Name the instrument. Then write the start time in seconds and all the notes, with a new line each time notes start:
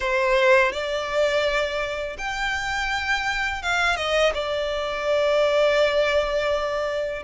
violin
0.00 C5
0.72 D5
2.18 G5
3.62 F5
3.96 D#5
4.34 D5